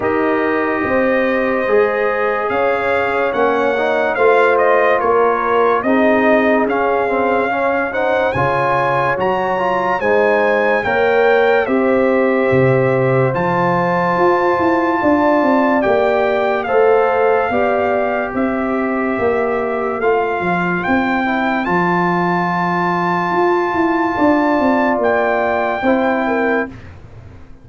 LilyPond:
<<
  \new Staff \with { instrumentName = "trumpet" } { \time 4/4 \tempo 4 = 72 dis''2. f''4 | fis''4 f''8 dis''8 cis''4 dis''4 | f''4. fis''8 gis''4 ais''4 | gis''4 g''4 e''2 |
a''2. g''4 | f''2 e''2 | f''4 g''4 a''2~ | a''2 g''2 | }
  \new Staff \with { instrumentName = "horn" } { \time 4/4 ais'4 c''2 cis''4~ | cis''4 c''4 ais'4 gis'4~ | gis'4 cis''8 c''8 cis''2 | c''4 cis''4 c''2~ |
c''2 d''2 | c''4 d''4 c''2~ | c''1~ | c''4 d''2 c''8 ais'8 | }
  \new Staff \with { instrumentName = "trombone" } { \time 4/4 g'2 gis'2 | cis'8 dis'8 f'2 dis'4 | cis'8 c'8 cis'8 dis'8 f'4 fis'8 f'8 | dis'4 ais'4 g'2 |
f'2. g'4 | a'4 g'2. | f'4. e'8 f'2~ | f'2. e'4 | }
  \new Staff \with { instrumentName = "tuba" } { \time 4/4 dis'4 c'4 gis4 cis'4 | ais4 a4 ais4 c'4 | cis'2 cis4 fis4 | gis4 ais4 c'4 c4 |
f4 f'8 e'8 d'8 c'8 ais4 | a4 b4 c'4 ais4 | a8 f8 c'4 f2 | f'8 e'8 d'8 c'8 ais4 c'4 | }
>>